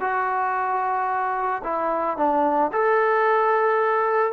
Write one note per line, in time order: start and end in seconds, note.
0.00 1.62 F#4
1.63 2.17 E4
2.17 2.71 D4
2.72 4.32 A4